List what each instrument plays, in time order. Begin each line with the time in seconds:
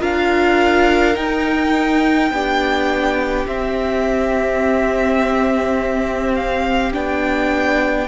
0.00 cello D4, viola F4, violin A#4 F5
1.14 viola D#4, cello D#4, violin G5
2.31 cello B3, viola D4, violin G4
3.47 cello C4, viola C4, violin E5
6.35 violin F5
6.93 cello B3, viola D4, violin G5